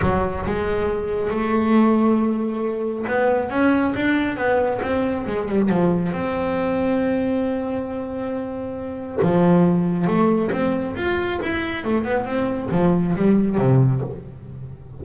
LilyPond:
\new Staff \with { instrumentName = "double bass" } { \time 4/4 \tempo 4 = 137 fis4 gis2 a4~ | a2. b4 | cis'4 d'4 b4 c'4 | gis8 g8 f4 c'2~ |
c'1~ | c'4 f2 a4 | c'4 f'4 e'4 a8 b8 | c'4 f4 g4 c4 | }